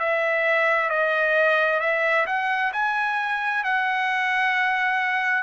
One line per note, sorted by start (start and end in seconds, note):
0.00 0.90 E5
0.90 1.81 D#5
1.81 2.26 E5
2.27 2.72 F#5
2.74 3.64 G#5
3.64 5.43 F#5